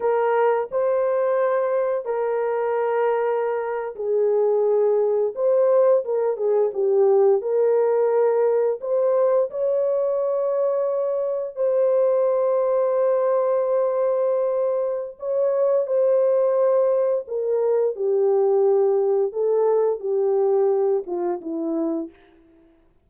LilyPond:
\new Staff \with { instrumentName = "horn" } { \time 4/4 \tempo 4 = 87 ais'4 c''2 ais'4~ | ais'4.~ ais'16 gis'2 c''16~ | c''8. ais'8 gis'8 g'4 ais'4~ ais'16~ | ais'8. c''4 cis''2~ cis''16~ |
cis''8. c''2.~ c''16~ | c''2 cis''4 c''4~ | c''4 ais'4 g'2 | a'4 g'4. f'8 e'4 | }